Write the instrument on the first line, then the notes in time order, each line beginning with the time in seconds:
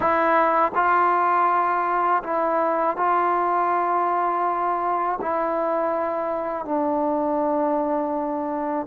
trombone
0.00 E4
0.74 F4
2.23 E4
2.96 F4
5.21 E4
6.65 D4